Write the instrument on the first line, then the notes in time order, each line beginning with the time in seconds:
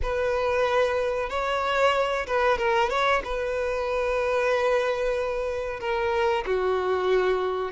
violin
0.02 B4
1.29 C#5
2.26 B4
2.58 A#4
2.89 C#5
3.24 B4
5.79 A#4
6.45 F#4